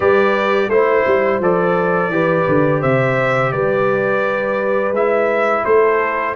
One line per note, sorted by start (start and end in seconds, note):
0.00 0.68 G3
0.00 0.70 G4
0.00 0.70 B4
0.00 0.69 D5
0.68 1.03 A3
0.68 1.41 E4
0.68 1.40 C5
0.68 2.13 C5
1.06 1.40 G3
1.40 2.08 F3
1.40 2.11 A4
1.40 2.82 D5
2.08 2.44 E3
2.08 4.93 G4
2.08 2.81 B4
2.47 2.83 D3
2.81 3.53 C3
2.81 3.51 C5
2.81 3.51 E5
3.51 4.91 G3
3.51 5.64 B4
3.51 4.93 D5
4.91 5.62 G#3
4.91 6.35 E4
4.91 5.64 E5
5.64 6.35 A3
5.64 6.35 A4
5.64 6.35 C5